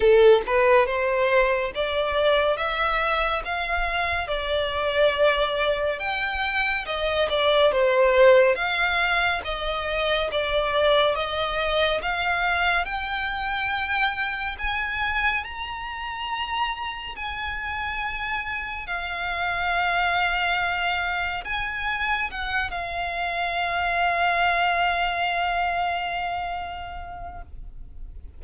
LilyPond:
\new Staff \with { instrumentName = "violin" } { \time 4/4 \tempo 4 = 70 a'8 b'8 c''4 d''4 e''4 | f''4 d''2 g''4 | dis''8 d''8 c''4 f''4 dis''4 | d''4 dis''4 f''4 g''4~ |
g''4 gis''4 ais''2 | gis''2 f''2~ | f''4 gis''4 fis''8 f''4.~ | f''1 | }